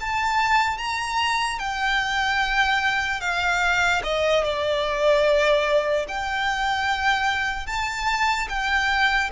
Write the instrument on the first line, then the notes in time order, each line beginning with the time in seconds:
violin
0.00 A5
0.78 A#5
1.59 G5
3.21 F5
4.03 D#5
4.44 D5
6.08 G5
7.67 A5
8.49 G5